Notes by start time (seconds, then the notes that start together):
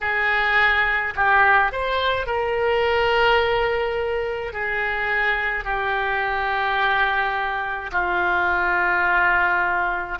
0.01 G#4
1.15 G4
1.72 C5
2.26 A#4
4.52 G#4
5.64 G4
7.92 F4